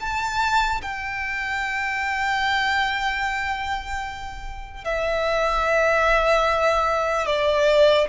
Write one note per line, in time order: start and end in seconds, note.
0.00 0.81 A5
0.81 4.84 G5
4.84 7.26 E5
7.26 8.07 D5